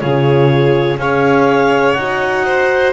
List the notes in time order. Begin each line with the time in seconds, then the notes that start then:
0.00 C#3 F4 G#4 C#5
0.97 C#4 G#4 C#5 F5
1.94 D#4 F#4 F#5
2.46 C5